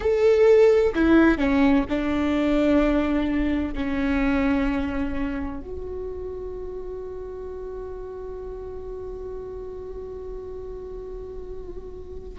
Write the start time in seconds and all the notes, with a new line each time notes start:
0.00 A4
0.95 E4
1.38 C#4
1.89 D4
3.74 C#4
5.60 F#4